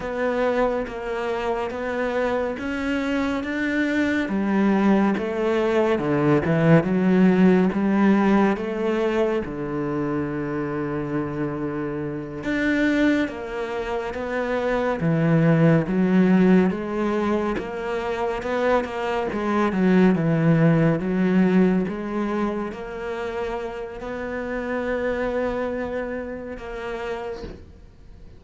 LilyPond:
\new Staff \with { instrumentName = "cello" } { \time 4/4 \tempo 4 = 70 b4 ais4 b4 cis'4 | d'4 g4 a4 d8 e8 | fis4 g4 a4 d4~ | d2~ d8 d'4 ais8~ |
ais8 b4 e4 fis4 gis8~ | gis8 ais4 b8 ais8 gis8 fis8 e8~ | e8 fis4 gis4 ais4. | b2. ais4 | }